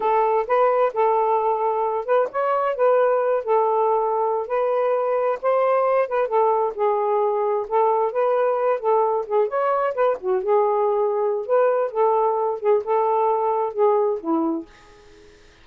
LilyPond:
\new Staff \with { instrumentName = "saxophone" } { \time 4/4 \tempo 4 = 131 a'4 b'4 a'2~ | a'8 b'8 cis''4 b'4. a'8~ | a'4.~ a'16 b'2 c''16~ | c''4~ c''16 b'8 a'4 gis'4~ gis'16~ |
gis'8. a'4 b'4. a'8.~ | a'16 gis'8 cis''4 b'8 fis'8 gis'4~ gis'16~ | gis'4 b'4 a'4. gis'8 | a'2 gis'4 e'4 | }